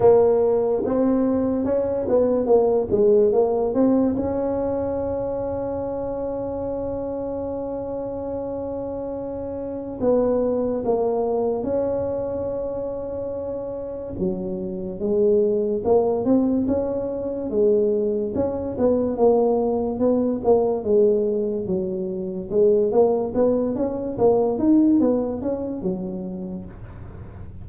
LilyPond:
\new Staff \with { instrumentName = "tuba" } { \time 4/4 \tempo 4 = 72 ais4 c'4 cis'8 b8 ais8 gis8 | ais8 c'8 cis'2.~ | cis'1 | b4 ais4 cis'2~ |
cis'4 fis4 gis4 ais8 c'8 | cis'4 gis4 cis'8 b8 ais4 | b8 ais8 gis4 fis4 gis8 ais8 | b8 cis'8 ais8 dis'8 b8 cis'8 fis4 | }